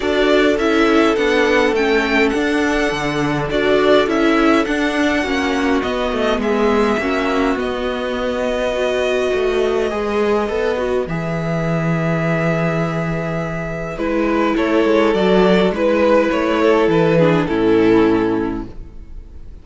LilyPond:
<<
  \new Staff \with { instrumentName = "violin" } { \time 4/4 \tempo 4 = 103 d''4 e''4 fis''4 g''4 | fis''2 d''4 e''4 | fis''2 dis''4 e''4~ | e''4 dis''2.~ |
dis''2. e''4~ | e''1 | b'4 cis''4 d''4 b'4 | cis''4 b'4 a'2 | }
  \new Staff \with { instrumentName = "violin" } { \time 4/4 a'1~ | a'1~ | a'4 fis'2 gis'4 | fis'2. b'4~ |
b'1~ | b'1~ | b'4 a'2 b'4~ | b'8 a'4 gis'8 e'2 | }
  \new Staff \with { instrumentName = "viola" } { \time 4/4 fis'4 e'4 d'4 cis'4 | d'2 fis'4 e'4 | d'4 cis'4 b2 | cis'4 b2 fis'4~ |
fis'4 gis'4 a'8 fis'8 gis'4~ | gis'1 | e'2 fis'4 e'4~ | e'4. d'8 cis'2 | }
  \new Staff \with { instrumentName = "cello" } { \time 4/4 d'4 cis'4 b4 a4 | d'4 d4 d'4 cis'4 | d'4 ais4 b8 a8 gis4 | ais4 b2. |
a4 gis4 b4 e4~ | e1 | gis4 a8 gis8 fis4 gis4 | a4 e4 a,2 | }
>>